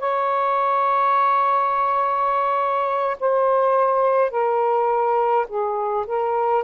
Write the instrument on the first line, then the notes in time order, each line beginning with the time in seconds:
saxophone
0.00 C#5
3.20 C5
4.31 A#4
5.48 G#4
6.07 A#4